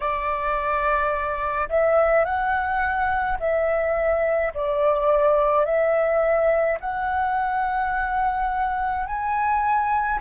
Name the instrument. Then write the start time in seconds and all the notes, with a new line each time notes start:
flute
0.00 D5
1.69 E5
2.24 F#5
3.40 E5
4.54 D5
5.64 E5
6.80 F#5
9.06 G#5